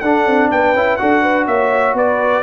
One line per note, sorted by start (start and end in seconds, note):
0.00 0.26 D4
0.00 0.76 D4
0.00 0.50 A4
0.00 0.48 F#5
0.26 0.50 C4
0.51 0.74 B3
0.51 1.00 B4
0.51 0.97 G5
0.74 0.98 C#4
0.74 0.99 E4
0.97 1.47 D4
0.97 2.43 F#4
0.97 1.22 A4
0.97 1.45 F#5
1.22 1.46 B4
1.47 1.94 A#3
1.47 1.96 C#5
1.47 1.96 E5
1.94 2.42 B3
1.94 2.43 B4
1.94 2.43 D5